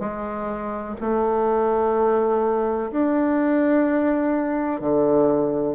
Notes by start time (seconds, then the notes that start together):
0.00 G#3
1.00 A3
2.91 D4
4.81 D3